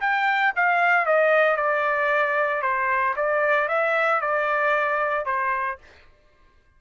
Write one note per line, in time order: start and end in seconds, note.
0.00 0.53 G5
0.56 1.06 F5
1.06 1.56 D#5
1.56 2.62 D5
2.62 3.14 C5
3.16 3.68 D5
3.68 4.21 E5
4.21 5.25 D5
5.25 5.78 C5